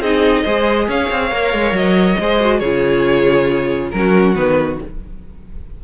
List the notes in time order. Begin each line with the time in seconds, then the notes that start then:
0.00 C4 D#4 G#4 D#5
0.43 G#3 G#4 C5
0.88 C#4 C#5 F5
1.11 C4
1.31 A#3 A#4
1.53 G#3
1.72 F#3 D#5
2.19 G#3 G#4 C5
2.40 F#4
2.59 C#3 F4 G#4 C#5
3.91 F#3 C#4 A#4
3.97 F#4
4.35 D#3 B3 B4